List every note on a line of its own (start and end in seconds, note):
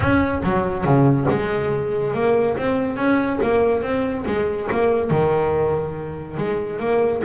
0.00 0.42 C#4
0.43 0.84 F#3
0.84 1.27 C#3
1.29 2.14 G#3
2.14 2.56 A#3
2.57 2.96 C4
2.96 3.39 C#4
3.42 3.82 A#3
3.82 4.24 C4
4.26 4.69 G#3
4.71 5.10 A#3
5.10 6.37 D#3
6.37 6.79 G#3
6.79 7.22 A#3